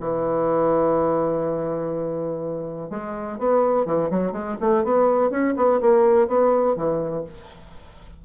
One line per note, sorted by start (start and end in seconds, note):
0.00 2.90 E3
2.90 3.38 G#3
3.38 3.85 B3
3.85 4.10 E3
4.10 4.32 F#3
4.32 4.56 G#3
4.60 4.84 A3
4.84 5.30 B3
5.30 5.54 C#4
5.56 5.80 B3
5.81 6.28 A#3
6.28 6.76 B3
6.76 7.24 E3